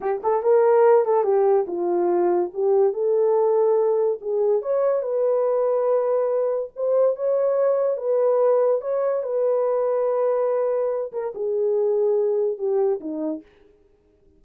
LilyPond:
\new Staff \with { instrumentName = "horn" } { \time 4/4 \tempo 4 = 143 g'8 a'8 ais'4. a'8 g'4 | f'2 g'4 a'4~ | a'2 gis'4 cis''4 | b'1 |
c''4 cis''2 b'4~ | b'4 cis''4 b'2~ | b'2~ b'8 ais'8 gis'4~ | gis'2 g'4 dis'4 | }